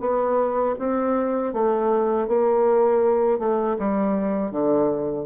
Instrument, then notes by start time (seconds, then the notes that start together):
bassoon
0.00 B3
0.79 C4
1.53 A3
2.28 A#3
3.39 A3
3.79 G3
4.51 D3